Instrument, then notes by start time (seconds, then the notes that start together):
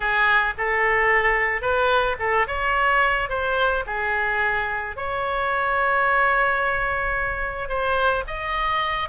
oboe
0.00 G#4
0.57 A4
1.61 B4
2.19 A4
2.47 C#5
3.29 C5
3.86 G#4
4.96 C#5
7.68 C5
8.27 D#5